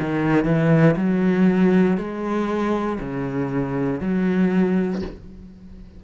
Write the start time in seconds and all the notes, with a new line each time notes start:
0.00 D#3
0.45 E3
0.96 F#3
1.97 G#3
3.00 C#3
4.00 F#3